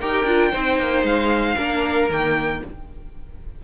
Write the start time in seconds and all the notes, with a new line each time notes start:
0.00 D#4 G4 A#4 G5
0.24 D4 F4
0.51 C4 D#4 C5
0.79 A#3
1.02 G#3 F5
1.56 A#3 D4 A#4
2.09 D#3 A#3 G5